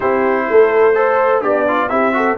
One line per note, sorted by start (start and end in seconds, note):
0.00 0.50 C4
0.00 0.94 E4
0.00 0.46 G4
0.00 1.42 C5
0.50 1.43 A3
0.50 0.96 A4
0.94 1.41 A4
0.94 1.41 C5
1.41 1.90 B3
1.41 1.88 D4
1.41 1.65 G4
1.41 1.88 D5
1.68 1.89 F4
1.88 2.38 C4
1.88 2.12 E4
1.88 2.14 G4
1.88 2.36 E5
2.12 2.36 F#4
2.12 2.38 A4